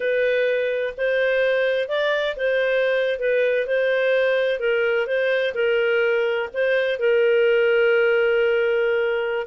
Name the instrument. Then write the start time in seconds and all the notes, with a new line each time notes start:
clarinet
0.00 B4
0.97 C5
1.88 D5
2.36 C5
3.19 B4
3.66 C5
4.59 A#4
5.06 C5
5.54 A#4
6.53 C5
6.99 A#4